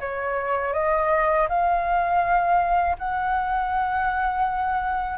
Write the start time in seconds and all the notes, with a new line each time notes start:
0.00 C#5
0.73 D#5
1.49 F5
2.98 F#5